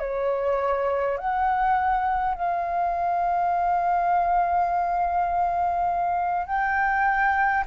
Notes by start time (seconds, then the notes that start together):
0.00 C#5
1.18 F#5
2.35 F5
6.47 G5